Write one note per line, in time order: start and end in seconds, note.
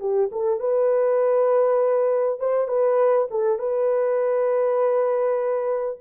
0.00 0.30 G4
0.32 0.60 A4
0.60 2.40 B4
2.40 2.68 C5
2.68 3.28 B4
3.31 3.59 A4
3.59 5.99 B4